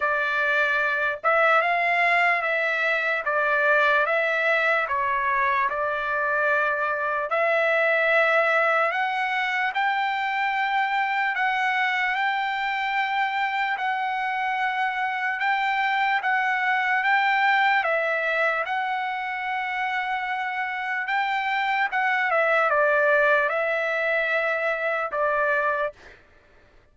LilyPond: \new Staff \with { instrumentName = "trumpet" } { \time 4/4 \tempo 4 = 74 d''4. e''8 f''4 e''4 | d''4 e''4 cis''4 d''4~ | d''4 e''2 fis''4 | g''2 fis''4 g''4~ |
g''4 fis''2 g''4 | fis''4 g''4 e''4 fis''4~ | fis''2 g''4 fis''8 e''8 | d''4 e''2 d''4 | }